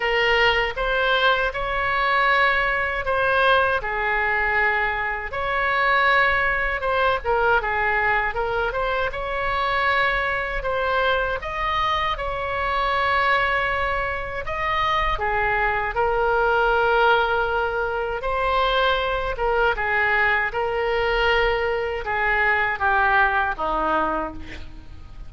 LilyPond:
\new Staff \with { instrumentName = "oboe" } { \time 4/4 \tempo 4 = 79 ais'4 c''4 cis''2 | c''4 gis'2 cis''4~ | cis''4 c''8 ais'8 gis'4 ais'8 c''8 | cis''2 c''4 dis''4 |
cis''2. dis''4 | gis'4 ais'2. | c''4. ais'8 gis'4 ais'4~ | ais'4 gis'4 g'4 dis'4 | }